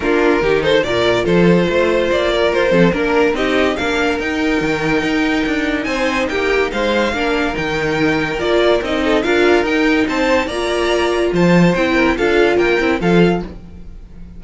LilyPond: <<
  \new Staff \with { instrumentName = "violin" } { \time 4/4 \tempo 4 = 143 ais'4. c''8 d''4 c''4~ | c''4 d''4 c''4 ais'4 | dis''4 f''4 g''2~ | g''2 gis''4 g''4 |
f''2 g''2 | d''4 dis''4 f''4 g''4 | a''4 ais''2 a''4 | g''4 f''4 g''4 f''4 | }
  \new Staff \with { instrumentName = "violin" } { \time 4/4 f'4 g'8 a'8 ais'4 a'4 | c''4. ais'4 a'8 ais'4 | g'4 ais'2.~ | ais'2 c''4 g'4 |
c''4 ais'2.~ | ais'4. a'8 ais'2 | c''4 d''2 c''4~ | c''8 ais'8 a'4 ais'4 a'4 | }
  \new Staff \with { instrumentName = "viola" } { \time 4/4 d'4 dis'4 f'2~ | f'2~ f'8 c'8 d'4 | dis'4 d'4 dis'2~ | dis'1~ |
dis'4 d'4 dis'2 | f'4 dis'4 f'4 dis'4~ | dis'4 f'2. | e'4 f'4. e'8 f'4 | }
  \new Staff \with { instrumentName = "cello" } { \time 4/4 ais4 dis4 ais,4 f4 | a4 ais4 f'8 f8 ais4 | c'4 ais4 dis'4 dis4 | dis'4 d'4 c'4 ais4 |
gis4 ais4 dis2 | ais4 c'4 d'4 dis'4 | c'4 ais2 f4 | c'4 d'4 ais8 c'8 f4 | }
>>